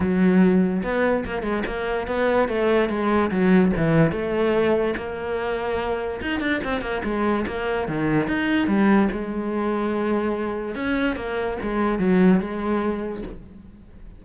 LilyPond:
\new Staff \with { instrumentName = "cello" } { \time 4/4 \tempo 4 = 145 fis2 b4 ais8 gis8 | ais4 b4 a4 gis4 | fis4 e4 a2 | ais2. dis'8 d'8 |
c'8 ais8 gis4 ais4 dis4 | dis'4 g4 gis2~ | gis2 cis'4 ais4 | gis4 fis4 gis2 | }